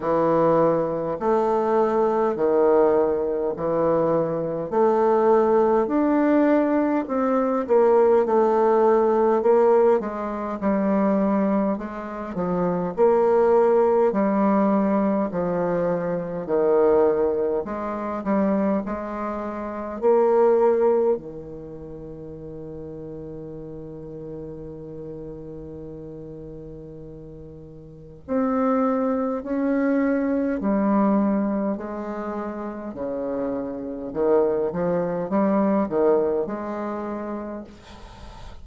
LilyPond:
\new Staff \with { instrumentName = "bassoon" } { \time 4/4 \tempo 4 = 51 e4 a4 dis4 e4 | a4 d'4 c'8 ais8 a4 | ais8 gis8 g4 gis8 f8 ais4 | g4 f4 dis4 gis8 g8 |
gis4 ais4 dis2~ | dis1 | c'4 cis'4 g4 gis4 | cis4 dis8 f8 g8 dis8 gis4 | }